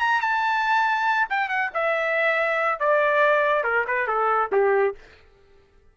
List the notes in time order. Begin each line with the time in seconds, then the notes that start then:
0.00 A#5
0.21 A5
1.30 G5
1.49 F#5
1.74 E5
2.80 D5
3.64 A#4
3.87 B4
4.08 A4
4.53 G4